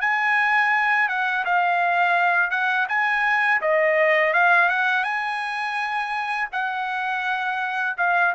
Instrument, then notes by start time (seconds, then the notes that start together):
trumpet
0.00 G#5
1.08 F#5
1.45 F5
2.50 F#5
2.88 G#5
3.61 D#5
4.33 F5
4.69 F#5
5.03 G#5
6.52 F#5
7.97 F5